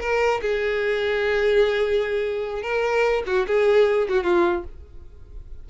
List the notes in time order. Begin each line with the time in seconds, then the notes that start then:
0.00 A#4
0.41 G#4
2.62 A#4
3.26 F#4
3.47 G#4
4.09 F#4
4.23 F4